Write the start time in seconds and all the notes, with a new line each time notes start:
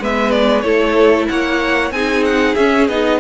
0.00 G#3 B3 B4 E5
0.31 D5
0.61 A3 E4 A4 C#5
1.29 A#3 C#5 F#5
1.91 C4 D#4 G#4 G#5
2.24 F#5
2.55 C#4 E5
2.88 B3 D#4 D#5